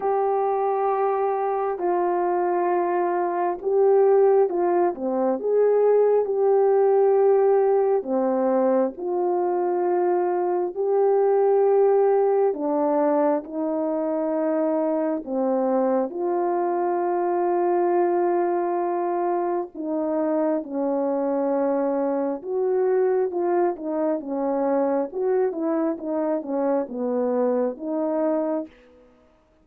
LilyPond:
\new Staff \with { instrumentName = "horn" } { \time 4/4 \tempo 4 = 67 g'2 f'2 | g'4 f'8 c'8 gis'4 g'4~ | g'4 c'4 f'2 | g'2 d'4 dis'4~ |
dis'4 c'4 f'2~ | f'2 dis'4 cis'4~ | cis'4 fis'4 f'8 dis'8 cis'4 | fis'8 e'8 dis'8 cis'8 b4 dis'4 | }